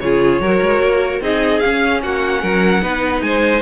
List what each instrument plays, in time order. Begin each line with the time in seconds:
0.00 cello C#3, viola F4, violin G#4 C#5
0.40 cello F#3, viola F#4, violin A#4
0.61 cello G#3
0.82 cello A#3
1.20 cello C4, viola D#4, violin G#4 D#5
1.59 viola C#4, cello C#4, violin F5
2.02 cello A#3, violin F#4 F#5
2.42 cello F#3, violin A#4
2.82 cello B3, viola D#4, violin B4
3.21 cello G#3, violin C5 G#5